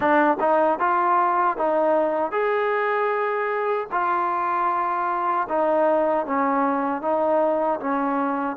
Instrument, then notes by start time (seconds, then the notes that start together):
trombone
0.00 D4
0.40 D#4
0.79 F4
1.57 D#4
2.31 G#4
3.91 F4
5.48 D#4
6.26 C#4
7.01 D#4
7.80 C#4